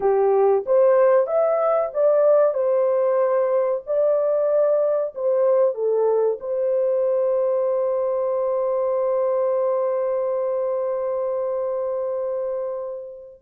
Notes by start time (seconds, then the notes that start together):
0.00 G4
0.66 C5
1.26 E5
1.93 D5
2.54 C5
3.86 D5
5.14 C5
5.74 A4
6.40 C5